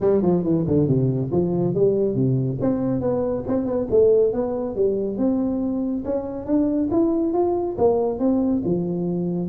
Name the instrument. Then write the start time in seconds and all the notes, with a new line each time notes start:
tuba
0.00 G3
0.22 F3
0.43 E3
0.67 D3
0.87 C3
1.31 F3
1.74 G3
2.15 C3
2.61 C4
3.00 B3
3.47 C4
3.65 B3
3.90 A3
4.33 B3
4.75 G3
5.17 C4
6.05 C#4
6.46 D4
6.91 E4
7.33 F4
7.78 A#3
8.19 C4
8.64 F3